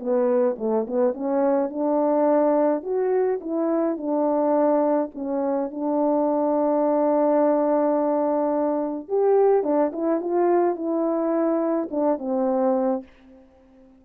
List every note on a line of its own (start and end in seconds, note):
0.00 0.57 B3
0.59 0.87 A3
0.88 1.14 B3
1.14 1.70 C#4
1.70 2.83 D4
2.84 3.40 F#4
3.41 3.98 E4
3.98 5.11 D4
5.15 5.71 C#4
5.71 9.09 D4
9.09 9.64 G4
9.64 9.92 D4
9.93 10.21 E4
10.21 10.76 F4
10.76 11.89 E4
11.91 12.19 D4
12.19 13.04 C4